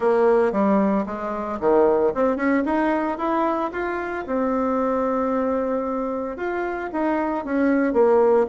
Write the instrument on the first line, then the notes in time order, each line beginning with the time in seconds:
bassoon
0.00 A#3
0.52 G3
1.06 G#3
1.59 D#3
2.14 C4
2.36 C#4
2.65 D#4
3.17 E4
3.72 F4
4.26 C4
6.36 F4
6.92 D#4
7.45 C#4
7.93 A#3